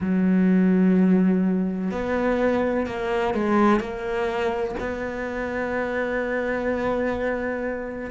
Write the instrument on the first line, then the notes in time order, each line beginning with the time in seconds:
cello
0.00 F#3
1.91 B3
2.86 A#3
3.34 G#3
3.80 A#3
4.79 B3